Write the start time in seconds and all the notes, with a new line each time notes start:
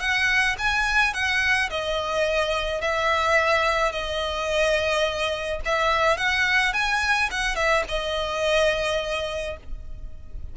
0.00 F#5
0.58 G#5
1.14 F#5
1.70 D#5
2.81 E5
3.92 D#5
5.65 E5
6.17 F#5
6.73 G#5
7.31 F#5
7.56 E5
7.88 D#5